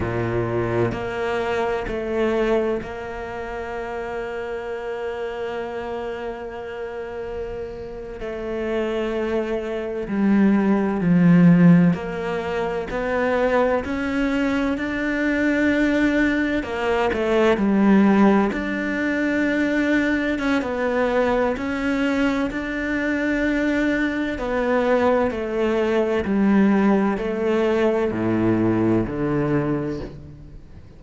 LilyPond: \new Staff \with { instrumentName = "cello" } { \time 4/4 \tempo 4 = 64 ais,4 ais4 a4 ais4~ | ais1~ | ais8. a2 g4 f16~ | f8. ais4 b4 cis'4 d'16~ |
d'4.~ d'16 ais8 a8 g4 d'16~ | d'4.~ d'16 cis'16 b4 cis'4 | d'2 b4 a4 | g4 a4 a,4 d4 | }